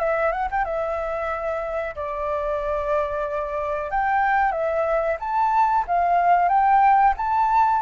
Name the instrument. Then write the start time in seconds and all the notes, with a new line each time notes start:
flute
0.00 E5
0.32 F#5
0.52 G5
0.65 E5
1.96 D5
3.91 G5
4.52 E5
5.20 A5
5.88 F5
6.49 G5
7.17 A5